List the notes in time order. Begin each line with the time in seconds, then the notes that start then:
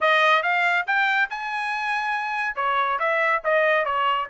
0.00 D#5
0.42 F5
0.86 G5
1.30 G#5
2.55 C#5
2.99 E5
3.44 D#5
3.85 C#5